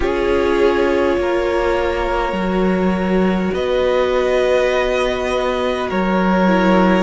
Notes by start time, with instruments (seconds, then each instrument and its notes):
0.00 cello C#4, viola F4, violin G#4 C#5
1.17 cello A#3, violin A#4
2.32 cello F#3, viola F#4
3.53 cello B3, violin B4 D#5
5.88 cello F#3, violin A#4 C#5
6.46 viola E4